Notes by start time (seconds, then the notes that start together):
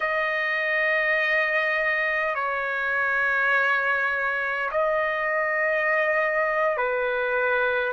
0.00 D#5
2.34 C#5
4.71 D#5
6.76 B4